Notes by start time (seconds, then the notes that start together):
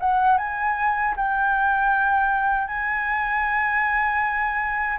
0.00 F#5
0.38 G#5
1.17 G5
2.67 G#5